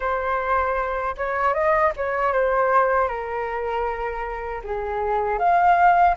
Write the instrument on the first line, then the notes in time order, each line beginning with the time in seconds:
flute
0.00 C5
1.17 C#5
1.53 D#5
1.96 C#5
2.32 C5
3.08 A#4
4.64 G#4
5.38 F5